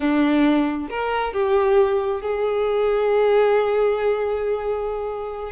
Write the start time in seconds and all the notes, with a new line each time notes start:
0.00 D4
0.89 A#4
1.33 G4
2.21 G#4